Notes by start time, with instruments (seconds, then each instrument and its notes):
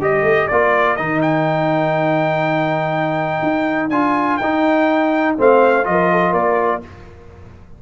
0.00 tuba G3, trombone G4, horn A#4, trumpet D#5
0.22 tuba A3
0.47 tuba A#3, trombone F4, trumpet D5
0.96 tuba D#3, trombone D#4, trumpet D#5
1.22 trumpet G5
3.42 tuba D#4
3.90 tuba D4, trombone F4, trumpet G#5
4.37 tuba D#4, trombone D#4, trumpet G5
5.37 tuba A3, trombone C4, horn C5, trumpet F5
5.83 tuba F3, trombone F4, trumpet D#5
5.90 horn A#4
6.11 horn A4
6.30 tuba A#3, horn A#4, trumpet D5